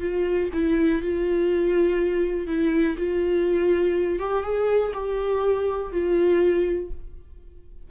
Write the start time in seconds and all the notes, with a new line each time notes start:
0.00 F4
0.53 E4
1.02 F4
2.47 E4
2.97 F4
4.19 G4
4.43 G#4
4.93 G4
5.92 F4